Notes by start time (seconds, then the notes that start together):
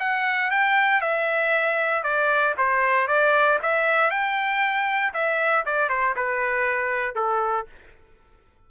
0.00 F#5
0.52 G5
1.02 E5
2.04 D5
2.58 C5
3.08 D5
3.63 E5
4.11 G5
5.14 E5
5.66 D5
5.90 C5
6.17 B4
7.16 A4